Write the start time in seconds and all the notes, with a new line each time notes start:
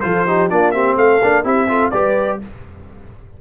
0.00 F3 F4 A4 C5
0.26 D#4 G4
0.49 A#3 D4 F4 D5
0.71 C4 G4 E5
0.96 A3 A4 F5
1.22 A#3 D4
1.44 C4 E4 G4 E5
1.68 F4 A4
1.90 G3 G4 B4 D5